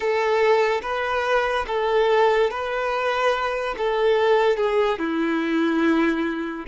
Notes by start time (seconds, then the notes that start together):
0.00 A4
0.82 B4
1.67 A4
2.50 B4
3.77 A4
4.56 G#4
4.98 E4